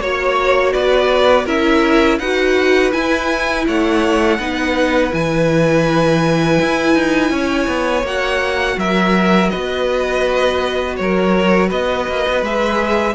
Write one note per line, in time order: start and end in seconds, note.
0.00 0.73 A#3
0.00 1.46 F#4
0.00 0.73 C#5
0.00 0.72 C#5
0.72 1.46 B3
0.72 1.45 B4
0.72 1.46 D5
1.45 2.19 C#4
1.45 2.19 E4
1.45 2.18 A#4
1.45 2.18 E5
2.18 2.92 D#4
2.18 2.92 F#4
2.18 3.65 B4
2.18 2.92 F#5
2.92 4.38 E4
2.92 3.67 E4
2.92 3.65 G#5
3.67 4.39 A3
3.67 4.39 C#5
3.67 5.13 F#5
4.39 5.12 B3
4.39 5.10 D#4
4.39 7.31 B4
5.10 6.59 E3
5.10 8.03 E4
5.10 8.06 G#5
6.61 6.95 E4
6.95 7.30 D#4
7.30 7.67 C#4
7.30 8.77 C#5
7.67 8.03 B3
8.03 8.76 A#3
8.03 12.44 F#4
8.03 8.79 F#5
8.77 9.50 F#3
8.77 9.51 A#4
8.77 9.49 E5
9.49 10.99 B3
9.49 10.97 B4
9.49 10.96 D#5
10.96 11.71 F#3
10.96 11.68 A#4
10.96 11.69 C#5
11.68 12.08 B3
11.68 13.14 B4
11.68 12.44 D#5
12.08 12.27 A#3
12.29 12.42 B3
12.42 13.14 G#3
12.42 13.14 G#4
12.42 13.14 E5